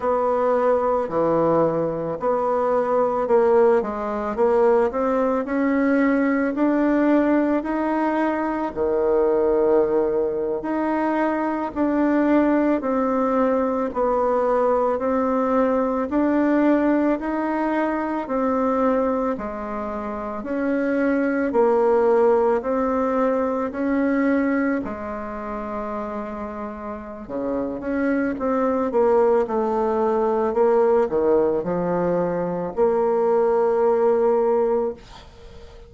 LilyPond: \new Staff \with { instrumentName = "bassoon" } { \time 4/4 \tempo 4 = 55 b4 e4 b4 ais8 gis8 | ais8 c'8 cis'4 d'4 dis'4 | dis4.~ dis16 dis'4 d'4 c'16~ | c'8. b4 c'4 d'4 dis'16~ |
dis'8. c'4 gis4 cis'4 ais16~ | ais8. c'4 cis'4 gis4~ gis16~ | gis4 cis8 cis'8 c'8 ais8 a4 | ais8 dis8 f4 ais2 | }